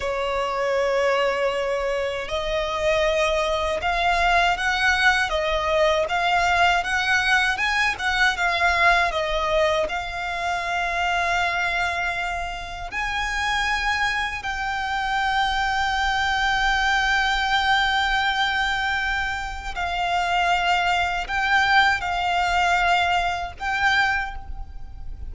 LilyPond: \new Staff \with { instrumentName = "violin" } { \time 4/4 \tempo 4 = 79 cis''2. dis''4~ | dis''4 f''4 fis''4 dis''4 | f''4 fis''4 gis''8 fis''8 f''4 | dis''4 f''2.~ |
f''4 gis''2 g''4~ | g''1~ | g''2 f''2 | g''4 f''2 g''4 | }